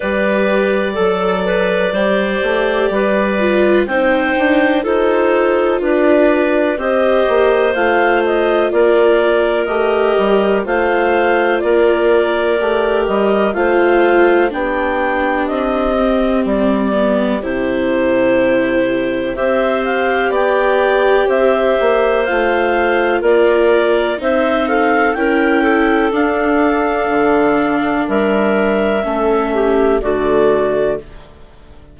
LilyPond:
<<
  \new Staff \with { instrumentName = "clarinet" } { \time 4/4 \tempo 4 = 62 d''1 | g''4 c''4 d''4 dis''4 | f''8 dis''8 d''4 dis''4 f''4 | d''4. dis''8 f''4 g''4 |
dis''4 d''4 c''2 | e''8 f''8 g''4 e''4 f''4 | d''4 e''8 f''8 g''4 f''4~ | f''4 e''2 d''4 | }
  \new Staff \with { instrumentName = "clarinet" } { \time 4/4 b'4 a'8 b'8 c''4 b'4 | c''4 a'4 b'4 c''4~ | c''4 ais'2 c''4 | ais'2 c''4 g'4~ |
g'1 | c''4 d''4 c''2 | ais'4 c''8 a'8 ais'8 a'4.~ | a'4 ais'4 a'8 g'8 fis'4 | }
  \new Staff \with { instrumentName = "viola" } { \time 4/4 g'4 a'4 g'4. f'8 | dis'4 f'2 g'4 | f'2 g'4 f'4~ | f'4 g'4 f'4 d'4~ |
d'8 c'4 b8 e'2 | g'2. f'4~ | f'4 dis'4 e'4 d'4~ | d'2 cis'4 a4 | }
  \new Staff \with { instrumentName = "bassoon" } { \time 4/4 g4 fis4 g8 a8 g4 | c'8 d'8 dis'4 d'4 c'8 ais8 | a4 ais4 a8 g8 a4 | ais4 a8 g8 a4 b4 |
c'4 g4 c2 | c'4 b4 c'8 ais8 a4 | ais4 c'4 cis'4 d'4 | d4 g4 a4 d4 | }
>>